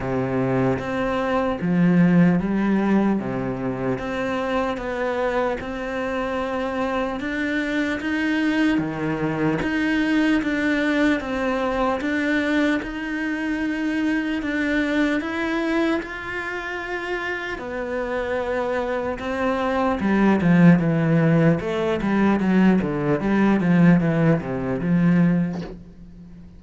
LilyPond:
\new Staff \with { instrumentName = "cello" } { \time 4/4 \tempo 4 = 75 c4 c'4 f4 g4 | c4 c'4 b4 c'4~ | c'4 d'4 dis'4 dis4 | dis'4 d'4 c'4 d'4 |
dis'2 d'4 e'4 | f'2 b2 | c'4 g8 f8 e4 a8 g8 | fis8 d8 g8 f8 e8 c8 f4 | }